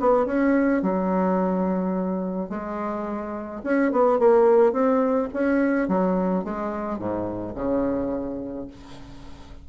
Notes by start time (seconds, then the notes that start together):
0.00 B3
0.26 C#4
0.82 F#3
2.49 G#3
3.64 C#4
3.92 B3
4.19 A#3
4.73 C4
5.34 C#4
5.88 F#3
6.44 G#3
6.99 G#2
7.55 C#3